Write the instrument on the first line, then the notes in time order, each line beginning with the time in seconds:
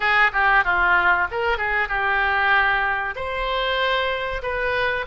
oboe
0.00 G#4
0.32 G4
0.64 F4
1.31 A#4
1.57 G#4
1.88 G4
3.16 C5
4.42 B4